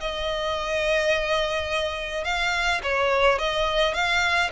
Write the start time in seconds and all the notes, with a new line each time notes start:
0.00 D#5
2.24 F5
2.83 C#5
3.38 D#5
3.93 F5